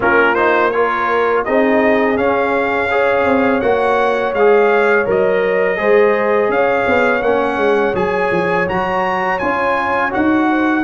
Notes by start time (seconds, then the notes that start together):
0.00 A#3 C#4 F4 A#4
0.34 D#4 C5
0.70 F4 A#4 C#5
1.44 C4 D#4 G#4 D#5
2.16 C#4 F5
2.90 G#4 C#5
3.25 C4
3.61 A#3 F#4 F#5
4.33 G#3 G#4 F5
5.05 F#3 A#4 D#5
5.76 G#3 G#4 C5
6.48 C#4 C#5 F5
6.86 B3
7.22 A#3 C#4 F#5
7.56 G#3
7.94 F#3 G#4 G#5
8.31 F3
8.67 F#3 F#4 A#5
9.39 C#4 F4 G#5
10.10 D#4 F#4 F#5
10.50 C5